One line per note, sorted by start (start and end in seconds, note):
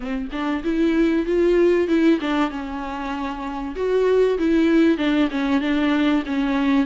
0.00 0.28 C4
0.32 0.63 D4
0.64 1.26 E4
1.26 1.88 F4
1.88 2.19 E4
2.20 2.50 D4
2.50 3.75 C#4
3.75 4.38 F#4
4.38 4.97 E4
4.97 5.28 D4
5.30 5.61 C#4
5.61 6.23 D4
6.26 6.86 C#4